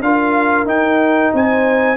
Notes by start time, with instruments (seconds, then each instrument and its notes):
0.00 tuba D4, trombone F4, horn A#4, trumpet F5
0.65 tuba D#4, trombone D#4, trumpet G5
1.33 tuba C4, horn C5, trumpet G#5